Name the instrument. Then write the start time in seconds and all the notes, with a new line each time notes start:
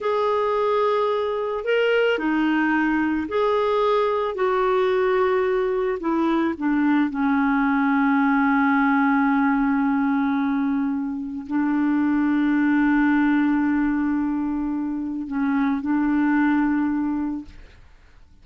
clarinet
0.00 G#4
1.64 A#4
2.18 D#4
3.28 G#4
4.34 F#4
6.00 E4
6.57 D4
7.09 C#4
11.46 D4
15.27 C#4
15.81 D4